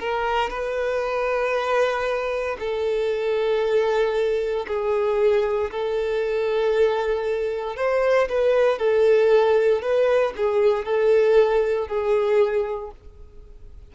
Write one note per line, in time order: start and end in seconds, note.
0.00 0.50 A#4
0.50 2.57 B4
2.59 4.66 A4
4.67 5.70 G#4
5.71 7.76 A4
7.76 8.28 C5
8.29 8.78 B4
8.78 9.81 A4
9.81 10.33 B4
10.36 10.85 G#4
10.85 11.87 A4
11.87 12.91 G#4